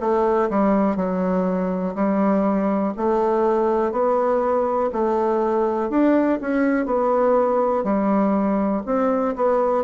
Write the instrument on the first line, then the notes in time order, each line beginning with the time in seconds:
bassoon
0.00 A3
0.50 G3
0.96 F#3
1.95 G3
2.97 A3
3.92 B3
4.92 A3
5.90 D4
6.41 C#4
6.85 B3
7.84 G3
8.86 C4
9.36 B3